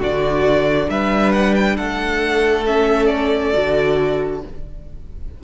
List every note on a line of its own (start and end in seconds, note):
0.00 0.89 D3
0.00 2.66 D4
0.00 0.88 F#4
0.00 0.90 D5
0.90 1.78 G3
0.90 1.76 B4
0.90 1.33 E5
1.33 1.55 F#5
1.55 1.77 G5
1.76 3.55 A3
1.76 4.41 A4
1.76 2.65 F#5
2.66 3.54 C#4
2.66 3.06 E5
3.06 4.39 D5
3.54 4.44 D3
3.54 4.42 F#4